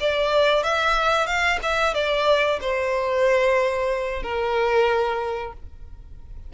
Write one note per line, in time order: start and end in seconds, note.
0.00 0.63 D5
0.63 1.27 E5
1.27 1.59 F5
1.62 1.94 E5
1.94 2.59 D5
2.61 4.23 C5
4.23 5.53 A#4